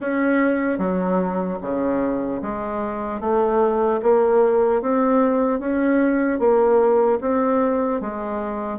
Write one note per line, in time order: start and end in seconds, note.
0.00 0.78 C#4
0.78 1.58 F#3
1.61 2.41 C#3
2.42 3.20 G#3
3.20 4.00 A3
4.02 4.81 A#3
4.81 5.59 C4
5.59 6.39 C#4
6.39 7.19 A#3
7.20 8.00 C4
8.00 8.79 G#3